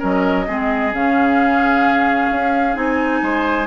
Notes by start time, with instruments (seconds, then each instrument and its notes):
0.00 bassoon F#3, clarinet C#4, oboe A#4, flute D#5
0.47 bassoon G#3, clarinet C4, oboe G#4
0.94 bassoon C#3, clarinet C#4, flute F5
2.31 bassoon C#4
2.74 bassoon C4, clarinet D#4, flute G#5
3.23 bassoon G#3, oboe C5